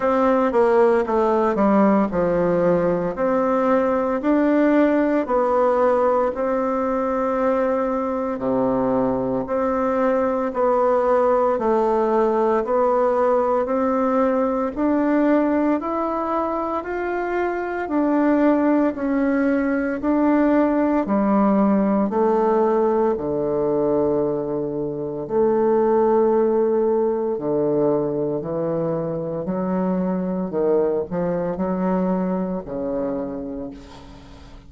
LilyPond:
\new Staff \with { instrumentName = "bassoon" } { \time 4/4 \tempo 4 = 57 c'8 ais8 a8 g8 f4 c'4 | d'4 b4 c'2 | c4 c'4 b4 a4 | b4 c'4 d'4 e'4 |
f'4 d'4 cis'4 d'4 | g4 a4 d2 | a2 d4 e4 | fis4 dis8 f8 fis4 cis4 | }